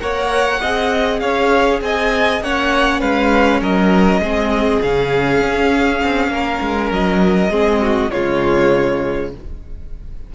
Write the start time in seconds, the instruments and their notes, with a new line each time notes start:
0.00 cello A#3, viola A#4, violin C#5 F#5
0.61 cello C4, viola G#4, violin D#5
1.20 cello C#4, violin C#5 F5
1.81 cello C4, violin D#5 G#5
2.41 cello A#3, viola C#4, violin C#5 F#5
3.00 cello G#3, violin B4 F5
3.61 cello F#3, violin A#4 D#5
4.20 cello G#3, viola C4, violin G#4
4.82 cello C#3, viola C#4, violin F5
5.41 cello C#4
6.04 cello C4
6.28 cello A#3, violin A#4
6.61 cello G#3
6.91 cello F#3, violin D#5
7.49 cello G#3, viola C4, violin G#4
7.81 violin F#4
8.11 cello C#3, viola G#3, violin F4 C#5